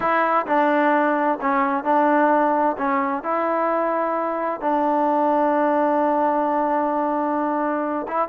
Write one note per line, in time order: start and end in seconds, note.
0.00 0.46 E4
0.46 1.38 D4
1.41 1.84 C#4
1.84 2.76 D4
2.77 3.23 C#4
3.23 4.60 E4
4.60 8.06 D4
8.07 8.28 E4